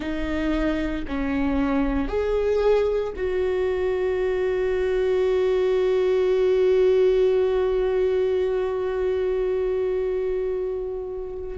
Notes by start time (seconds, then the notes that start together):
0.00 D#4
1.07 C#4
2.08 G#4
3.16 F#4